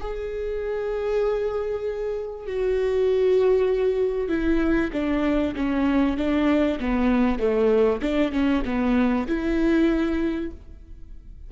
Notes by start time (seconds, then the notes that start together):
0.00 G#4
2.47 F#4
4.29 E4
4.93 D4
5.56 C#4
6.17 D4
6.80 B3
7.39 A3
8.02 D4
8.33 C#4
8.66 B3
9.28 E4